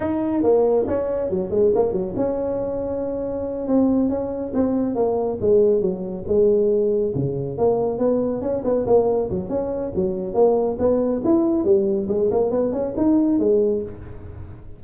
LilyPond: \new Staff \with { instrumentName = "tuba" } { \time 4/4 \tempo 4 = 139 dis'4 ais4 cis'4 fis8 gis8 | ais8 fis8 cis'2.~ | cis'8 c'4 cis'4 c'4 ais8~ | ais8 gis4 fis4 gis4.~ |
gis8 cis4 ais4 b4 cis'8 | b8 ais4 fis8 cis'4 fis4 | ais4 b4 e'4 g4 | gis8 ais8 b8 cis'8 dis'4 gis4 | }